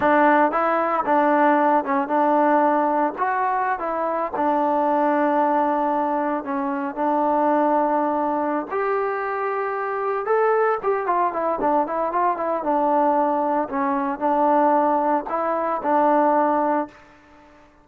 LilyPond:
\new Staff \with { instrumentName = "trombone" } { \time 4/4 \tempo 4 = 114 d'4 e'4 d'4. cis'8 | d'2 fis'4~ fis'16 e'8.~ | e'16 d'2.~ d'8.~ | d'16 cis'4 d'2~ d'8.~ |
d'8 g'2. a'8~ | a'8 g'8 f'8 e'8 d'8 e'8 f'8 e'8 | d'2 cis'4 d'4~ | d'4 e'4 d'2 | }